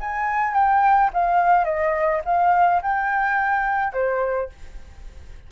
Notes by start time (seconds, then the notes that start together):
0.00 G#5
0.54 G5
1.13 F5
1.65 D#5
2.25 F5
2.82 G5
3.93 C5